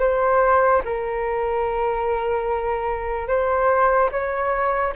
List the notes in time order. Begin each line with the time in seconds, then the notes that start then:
0.00 C5
0.85 A#4
3.28 C5
4.12 C#5